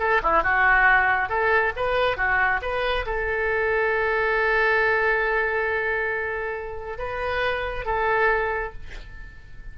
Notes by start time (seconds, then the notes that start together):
0.00 A4
0.23 E4
0.44 F#4
1.29 A4
1.77 B4
2.17 F#4
2.62 B4
3.06 A4
6.99 B4
7.86 A4